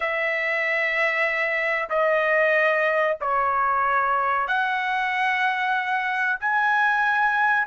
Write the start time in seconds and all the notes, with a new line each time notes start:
0.00 E5
1.89 D#5
3.20 C#5
4.47 F#5
6.40 G#5